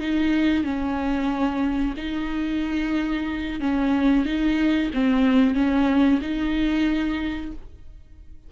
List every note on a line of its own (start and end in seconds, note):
0.00 0.64 D#4
0.64 1.94 C#4
1.97 3.60 D#4
3.60 4.25 C#4
4.25 4.91 D#4
4.94 5.55 C4
5.55 6.20 C#4
6.22 7.52 D#4